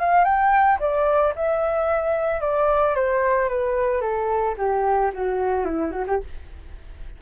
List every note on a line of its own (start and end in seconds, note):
0.00 0.24 F5
0.24 0.78 G5
0.80 1.34 D5
1.36 2.41 E5
2.41 2.95 D5
2.95 3.49 C5
3.49 4.01 B4
4.01 4.55 A4
4.57 5.12 G4
5.14 5.65 F#4
5.65 5.91 E4
5.91 6.05 F#4
6.07 6.21 G4